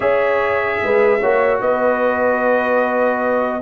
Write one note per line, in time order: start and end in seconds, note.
0.00 0.80 C#4
0.00 1.19 G#4
0.00 0.80 C#5
0.00 1.60 E5
0.82 1.23 G#3
0.82 1.19 B4
1.19 1.60 A#3
1.19 3.61 F#4
1.19 1.60 C#5
1.60 3.61 B3
1.60 3.61 B4
1.60 3.61 D#5